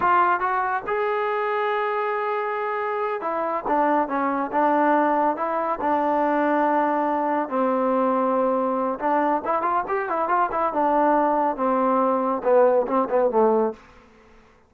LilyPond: \new Staff \with { instrumentName = "trombone" } { \time 4/4 \tempo 4 = 140 f'4 fis'4 gis'2~ | gis'2.~ gis'8 e'8~ | e'8 d'4 cis'4 d'4.~ | d'8 e'4 d'2~ d'8~ |
d'4. c'2~ c'8~ | c'4 d'4 e'8 f'8 g'8 e'8 | f'8 e'8 d'2 c'4~ | c'4 b4 c'8 b8 a4 | }